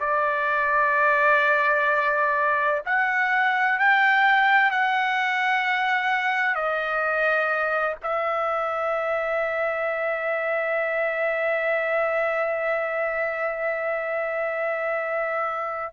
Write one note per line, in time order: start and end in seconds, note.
0.00 2.81 D5
2.86 3.79 F#5
3.79 4.71 G5
4.71 6.55 F#5
6.55 7.96 D#5
8.03 15.93 E5